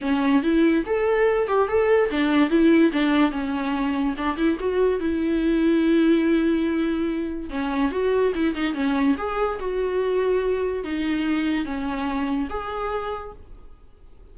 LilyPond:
\new Staff \with { instrumentName = "viola" } { \time 4/4 \tempo 4 = 144 cis'4 e'4 a'4. g'8 | a'4 d'4 e'4 d'4 | cis'2 d'8 e'8 fis'4 | e'1~ |
e'2 cis'4 fis'4 | e'8 dis'8 cis'4 gis'4 fis'4~ | fis'2 dis'2 | cis'2 gis'2 | }